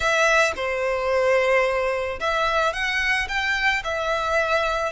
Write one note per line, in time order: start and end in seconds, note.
0.00 0.52 E5
0.56 2.19 C5
2.19 2.73 E5
2.73 3.27 F#5
3.28 3.82 G5
3.84 4.92 E5